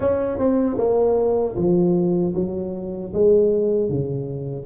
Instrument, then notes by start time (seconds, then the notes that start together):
tuba
0.00 C#4
0.38 C4
0.77 A#3
1.56 F3
2.34 F#3
3.13 G#3
3.89 C#3